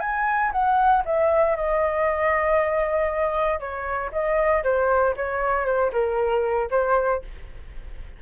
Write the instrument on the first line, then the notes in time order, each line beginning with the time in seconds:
flute
0.00 G#5
0.52 F#5
1.05 E5
1.56 D#5
3.59 C#5
4.12 D#5
4.63 C5
5.16 C#5
5.65 C5
5.92 A#4
6.71 C5